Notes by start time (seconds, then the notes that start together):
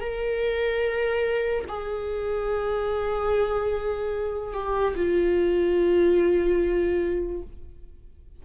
0.00 A#4
1.68 G#4
4.54 G4
4.95 F4